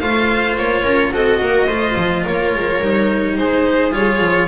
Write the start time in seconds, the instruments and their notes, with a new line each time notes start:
0.00 double bass A3, cello F4, viola C5, violin F5
0.58 double bass A#3, violin C#5
0.83 double bass C#4, viola A#4
1.13 double bass C4, cello F#4, viola A4, violin D#5
1.41 double bass A#3, viola A#4
1.67 double bass A3, cello F4, viola C5
1.97 double bass F3
2.23 double bass A#3, viola A#4, violin C#5
2.54 double bass G#3
2.82 double bass G3, cello D#4
3.37 double bass G#3, viola G#4, violin C5
3.92 double bass G3, cello F4, violin C#5
4.21 double bass F3